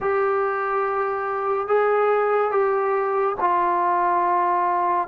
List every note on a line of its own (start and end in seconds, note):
0.00 1.67 G4
1.67 2.51 G#4
2.51 3.35 G4
3.40 5.07 F4